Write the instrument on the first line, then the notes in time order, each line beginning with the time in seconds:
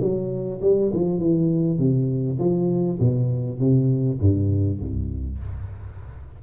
tuba
0.00 F#3
0.61 G3
0.93 F3
1.18 E3
1.78 C3
2.38 F3
2.99 B2
3.59 C3
4.20 G2
4.79 C2